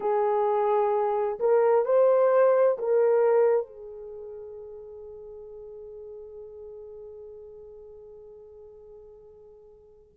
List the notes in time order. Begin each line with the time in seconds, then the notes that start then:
0.00 G#4
1.39 A#4
1.85 C5
2.78 A#4
3.66 G#4